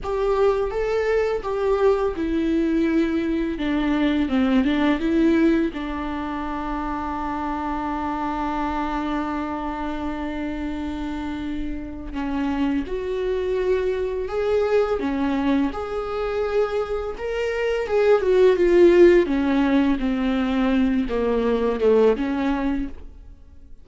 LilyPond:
\new Staff \with { instrumentName = "viola" } { \time 4/4 \tempo 4 = 84 g'4 a'4 g'4 e'4~ | e'4 d'4 c'8 d'8 e'4 | d'1~ | d'1~ |
d'4 cis'4 fis'2 | gis'4 cis'4 gis'2 | ais'4 gis'8 fis'8 f'4 cis'4 | c'4. ais4 a8 cis'4 | }